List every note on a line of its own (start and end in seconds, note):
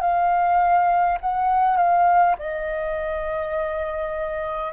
0.00 1.18 F5
1.20 1.76 F#5
1.76 2.35 F5
2.39 4.73 D#5